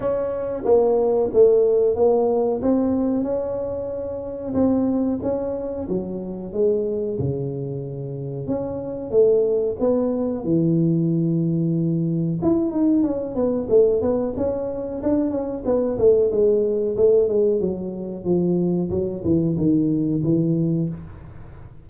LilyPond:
\new Staff \with { instrumentName = "tuba" } { \time 4/4 \tempo 4 = 92 cis'4 ais4 a4 ais4 | c'4 cis'2 c'4 | cis'4 fis4 gis4 cis4~ | cis4 cis'4 a4 b4 |
e2. e'8 dis'8 | cis'8 b8 a8 b8 cis'4 d'8 cis'8 | b8 a8 gis4 a8 gis8 fis4 | f4 fis8 e8 dis4 e4 | }